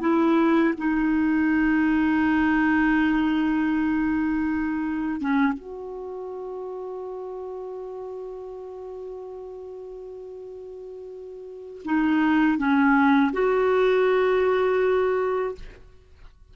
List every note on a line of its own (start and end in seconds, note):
0.00 0.74 E4
0.77 5.21 D#4
5.21 5.53 C#4
5.53 11.82 F#4
11.85 12.57 D#4
12.57 13.32 C#4
13.33 15.55 F#4